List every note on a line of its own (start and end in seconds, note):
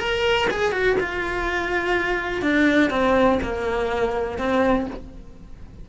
0.00 0.48 A#4
0.51 0.73 G#4
0.73 0.97 F#4
1.00 2.42 F4
2.42 2.91 D4
2.91 3.39 C4
3.43 4.39 A#3
4.39 4.87 C4